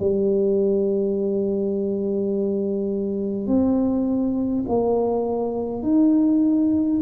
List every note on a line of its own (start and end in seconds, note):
0.00 3.47 G3
3.47 4.65 C4
4.68 5.83 A#3
5.83 7.01 D#4